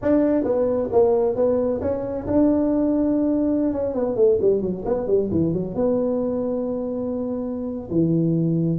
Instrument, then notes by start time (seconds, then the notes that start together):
tuba
0.01 D4
0.44 B3
0.92 A#3
1.35 B3
1.81 C#4
2.26 D4
3.73 C#4
3.94 B3
4.15 A3
4.41 G3
4.61 F#3
4.85 B3
5.07 G3
5.31 E3
5.53 F#3
5.75 B3
7.90 E3